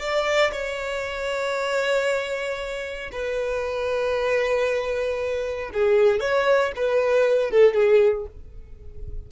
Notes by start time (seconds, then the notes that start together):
0.00 D5
0.52 C#5
3.12 B4
5.74 G#4
6.21 C#5
6.76 B4
7.51 A4
7.75 G#4